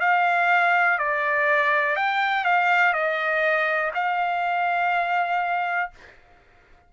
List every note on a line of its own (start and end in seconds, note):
0.00 0.98 F5
0.98 1.96 D5
1.96 2.45 G5
2.45 2.93 F5
2.93 3.92 D#5
3.94 5.91 F5